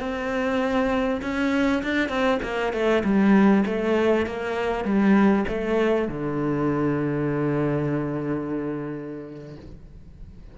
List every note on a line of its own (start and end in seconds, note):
0.00 1.21 C4
1.22 1.83 C#4
1.83 2.09 D4
2.09 2.39 C4
2.43 2.73 A#3
2.73 3.04 A3
3.04 3.65 G3
3.66 4.27 A3
4.27 4.85 A#3
4.85 5.45 G3
5.49 6.08 A3
6.08 9.57 D3